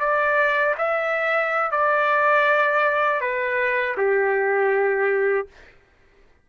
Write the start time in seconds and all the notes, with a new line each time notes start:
0.00 D5
0.78 E5
1.71 D5
3.21 B4
3.97 G4